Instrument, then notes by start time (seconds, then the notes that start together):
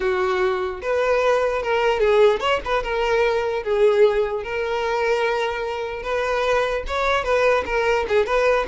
violin
0.00 F#4
0.82 B4
1.62 A#4
2.00 G#4
2.40 C#5
2.64 B4
2.83 A#4
3.63 G#4
4.43 A#4
6.03 B4
6.87 C#5
7.24 B4
7.65 A#4
8.08 G#4
8.25 B4